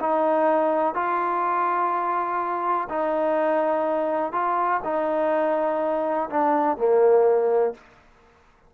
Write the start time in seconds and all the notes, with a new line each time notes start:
0.00 D#4
0.95 F4
2.89 D#4
4.32 F4
4.84 D#4
6.30 D4
6.77 A#3